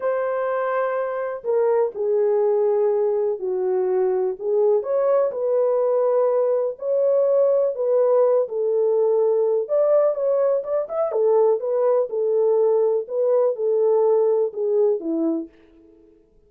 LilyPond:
\new Staff \with { instrumentName = "horn" } { \time 4/4 \tempo 4 = 124 c''2. ais'4 | gis'2. fis'4~ | fis'4 gis'4 cis''4 b'4~ | b'2 cis''2 |
b'4. a'2~ a'8 | d''4 cis''4 d''8 e''8 a'4 | b'4 a'2 b'4 | a'2 gis'4 e'4 | }